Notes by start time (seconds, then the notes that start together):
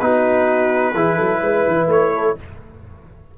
0.00 B3 D#4 F#4 B4
0.94 E3 E4 G#4
1.16 F#3 A4
1.41 G#3 B4
1.68 E3
1.87 A3 C#5
2.15 A4